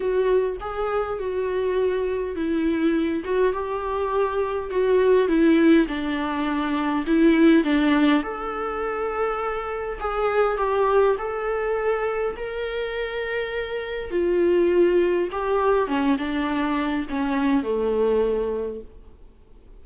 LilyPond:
\new Staff \with { instrumentName = "viola" } { \time 4/4 \tempo 4 = 102 fis'4 gis'4 fis'2 | e'4. fis'8 g'2 | fis'4 e'4 d'2 | e'4 d'4 a'2~ |
a'4 gis'4 g'4 a'4~ | a'4 ais'2. | f'2 g'4 cis'8 d'8~ | d'4 cis'4 a2 | }